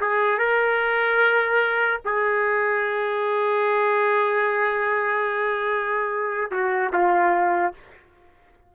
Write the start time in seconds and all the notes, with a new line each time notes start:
0.00 G#4
0.38 A#4
2.05 G#4
6.51 F#4
6.92 F4